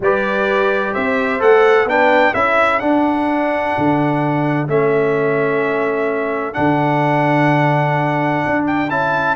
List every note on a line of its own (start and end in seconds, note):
0.00 0.94 G3
0.00 1.39 G4
0.00 0.93 B4
0.00 0.94 D5
0.93 1.41 C4
0.93 1.86 C5
0.93 1.41 E5
1.39 1.85 A3
1.39 1.86 A4
1.39 1.88 F#5
1.85 2.32 B3
1.85 2.34 D4
1.85 2.33 B4
1.85 2.34 G5
2.33 2.81 C#4
2.33 2.80 E4
2.33 9.35 A4
2.33 2.79 E5
2.79 4.67 D4
2.79 3.75 D4
2.79 4.67 F#5
3.77 4.67 D3
4.67 6.55 A3
4.67 6.53 C#4
4.67 6.53 E5
6.53 8.44 D3
6.53 8.87 D4
6.53 8.64 F#5
8.45 8.90 D4
8.66 8.89 G5
8.89 9.35 C#4
8.89 9.35 E4
8.89 9.35 A5